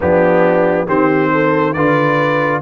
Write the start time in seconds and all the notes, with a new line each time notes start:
0.00 F3 B3 D4 G4
0.86 D#3 C4 G4 C5
1.32 A4
1.73 D3 F4 B4 D5